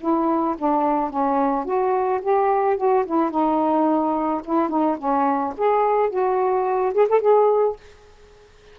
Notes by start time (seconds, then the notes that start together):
0.00 E4
0.58 D4
1.10 C#4
1.65 F#4
2.21 G4
2.77 F#4
3.06 E4
3.30 D#4
4.44 E4
4.69 D#4
4.98 C#4
5.57 G#4
6.10 F#4
6.94 G#4
7.09 A4
7.20 G#4